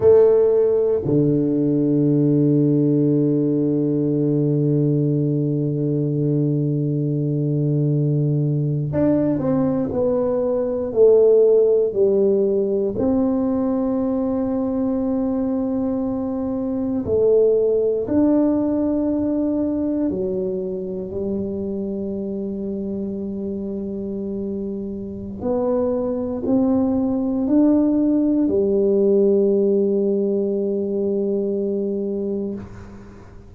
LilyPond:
\new Staff \with { instrumentName = "tuba" } { \time 4/4 \tempo 4 = 59 a4 d2.~ | d1~ | d8. d'8 c'8 b4 a4 g16~ | g8. c'2.~ c'16~ |
c'8. a4 d'2 fis16~ | fis8. g2.~ g16~ | g4 b4 c'4 d'4 | g1 | }